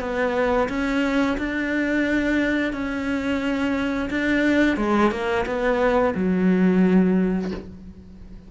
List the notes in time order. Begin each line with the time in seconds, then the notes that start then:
0.00 B3
0.68 C#4
1.37 D4
2.73 C#4
4.10 D4
4.77 G#3
5.11 A#3
5.45 B3
6.15 F#3